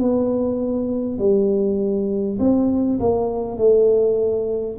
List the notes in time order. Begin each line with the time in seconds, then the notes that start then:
0.00 B3
1.19 G3
2.39 C4
3.00 A#3
3.58 A3